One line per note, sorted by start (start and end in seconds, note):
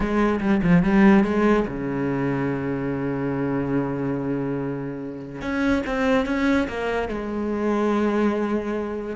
0.00 0.40 G#3
0.40 0.61 G3
0.62 0.82 F3
0.82 1.24 G3
1.24 1.66 G#3
1.67 5.41 C#3
5.41 5.83 C#4
5.86 6.26 C4
6.26 6.67 C#4
6.68 7.08 A#3
7.08 9.16 G#3